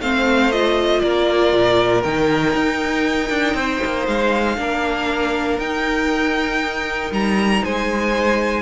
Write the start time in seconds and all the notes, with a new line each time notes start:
0.00 A3 C4 C5 F5
0.52 F4 D#5
1.00 A#3 A#4 D5
1.53 A#2
2.03 D#3 D#4 G5
2.55 D#4
3.30 D4
3.54 C4 C5
3.84 A#3
4.07 G#3 F5
4.57 A#3 D4 A#4
5.58 D#4 G5
7.11 G3 A#5
7.64 G#3 C5 G#5